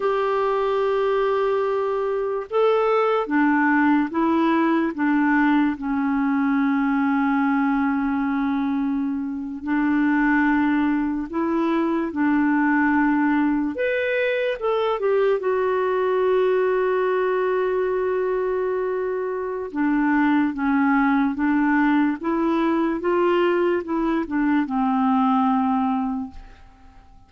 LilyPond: \new Staff \with { instrumentName = "clarinet" } { \time 4/4 \tempo 4 = 73 g'2. a'4 | d'4 e'4 d'4 cis'4~ | cis'2.~ cis'8. d'16~ | d'4.~ d'16 e'4 d'4~ d'16~ |
d'8. b'4 a'8 g'8 fis'4~ fis'16~ | fis'1 | d'4 cis'4 d'4 e'4 | f'4 e'8 d'8 c'2 | }